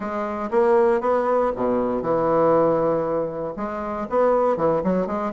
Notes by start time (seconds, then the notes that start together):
0.00 G#3
0.51 A#3
1.01 B3
1.56 B2
2.02 E3
3.56 G#3
4.09 B3
4.56 E3
4.83 F#3
5.06 G#3